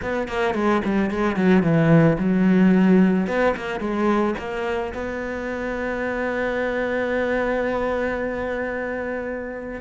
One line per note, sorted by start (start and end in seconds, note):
0.01 0.28 B3
0.28 0.54 A#3
0.54 0.81 G#3
0.84 1.10 G3
1.10 1.35 G#3
1.35 1.62 F#3
1.62 2.17 E3
2.18 3.27 F#3
3.27 3.54 B3
3.56 3.80 A#3
3.80 4.34 G#3
4.38 4.93 A#3
4.94 9.81 B3